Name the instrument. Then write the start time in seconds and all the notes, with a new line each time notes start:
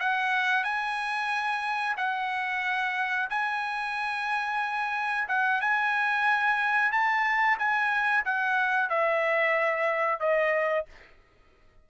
trumpet
0.00 F#5
0.64 G#5
1.98 F#5
3.30 G#5
5.28 F#5
5.61 G#5
6.92 A5
7.59 G#5
8.25 F#5
8.90 E5
10.20 D#5